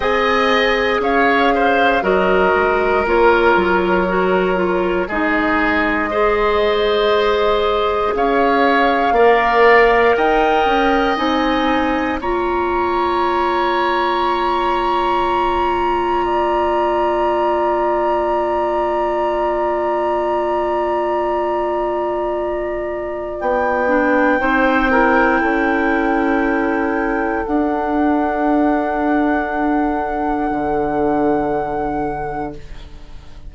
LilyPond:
<<
  \new Staff \with { instrumentName = "flute" } { \time 4/4 \tempo 4 = 59 gis''4 f''4 dis''4 cis''4~ | cis''4 dis''2. | f''2 g''4 gis''4 | ais''1~ |
ais''1~ | ais''2. g''4~ | g''2. fis''4~ | fis''1 | }
  \new Staff \with { instrumentName = "oboe" } { \time 4/4 dis''4 cis''8 c''8 ais'2~ | ais'4 gis'4 c''2 | cis''4 d''4 dis''2 | cis''1 |
d''1~ | d''1 | c''8 ais'8 a'2.~ | a'1 | }
  \new Staff \with { instrumentName = "clarinet" } { \time 4/4 gis'2 fis'4 f'4 | fis'8 f'8 dis'4 gis'2~ | gis'4 ais'2 dis'4 | f'1~ |
f'1~ | f'2.~ f'8 d'8 | dis'8 e'2~ e'8 d'4~ | d'1 | }
  \new Staff \with { instrumentName = "bassoon" } { \time 4/4 c'4 cis'4 fis8 gis8 ais8 fis8~ | fis4 gis2. | cis'4 ais4 dis'8 cis'8 c'4 | ais1~ |
ais1~ | ais2. b4 | c'4 cis'2 d'4~ | d'2 d2 | }
>>